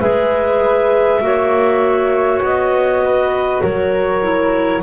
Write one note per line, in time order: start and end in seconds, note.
0.00 1.21 G#3
0.00 1.22 G#4
0.00 1.20 B4
0.00 2.40 E5
1.21 2.41 A#3
1.21 4.21 F#4
1.21 3.04 C#5
2.42 3.62 B3
2.42 3.62 D#5
3.04 3.62 B4
3.62 4.83 F#3
3.62 4.82 A#4
3.62 4.82 C#5
4.21 4.82 E4